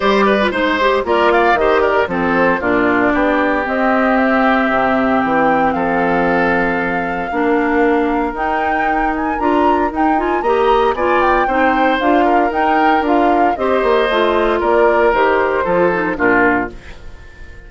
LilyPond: <<
  \new Staff \with { instrumentName = "flute" } { \time 4/4 \tempo 4 = 115 d''4 c''4 d''8 f''8 dis''8 d''8 | c''4 d''2 dis''4 | e''2 g''4 f''4~ | f''1 |
g''4. gis''8 ais''4 g''8 gis''8 | ais''4 gis''8 g''4. f''4 | g''4 f''4 dis''2 | d''4 c''2 ais'4 | }
  \new Staff \with { instrumentName = "oboe" } { \time 4/4 c''8 b'8 c''4 ais'8 d''8 c''8 ais'8 | a'4 f'4 g'2~ | g'2. a'4~ | a'2 ais'2~ |
ais'1 | dis''4 d''4 c''4. ais'8~ | ais'2 c''2 | ais'2 a'4 f'4 | }
  \new Staff \with { instrumentName = "clarinet" } { \time 4/4 g'8. f'16 dis'8 g'8 f'4 g'4 | c'4 d'2 c'4~ | c'1~ | c'2 d'2 |
dis'2 f'4 dis'8 f'8 | g'4 f'4 dis'4 f'4 | dis'4 f'4 g'4 f'4~ | f'4 g'4 f'8 dis'8 d'4 | }
  \new Staff \with { instrumentName = "bassoon" } { \time 4/4 g4 gis4 ais4 dis4 | f4 ais,4 b4 c'4~ | c'4 c4 e4 f4~ | f2 ais2 |
dis'2 d'4 dis'4 | ais4 b4 c'4 d'4 | dis'4 d'4 c'8 ais8 a4 | ais4 dis4 f4 ais,4 | }
>>